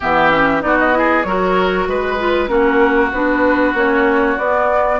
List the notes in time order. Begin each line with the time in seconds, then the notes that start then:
0.00 E3 B3 G4 E5
0.30 C#4
0.61 B3 D#4 F#4 D5
0.78 D#5
0.92 E4 G#4
1.23 F#3 F#4 A#4 C#5
1.87 G#3 B4
2.18 F4
2.48 A#3 C#4 F#4 A#4
3.12 B3 D4 B4
3.74 A#3 C#4 C#5
4.37 B3 D5